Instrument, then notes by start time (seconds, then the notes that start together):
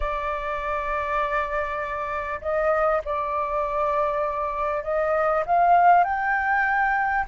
flute
0.00 D5
2.41 D#5
3.04 D5
4.83 D#5
5.46 F5
6.04 G5